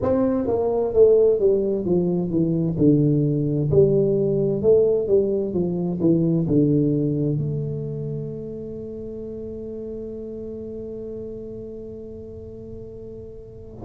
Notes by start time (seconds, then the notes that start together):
0.02 C4
0.47 A#3
0.93 A3
1.39 G3
1.85 F3
2.30 E3
2.77 D3
3.70 G3
4.62 A3
5.07 G3
5.53 F3
6.00 E3
6.47 D3
7.38 A3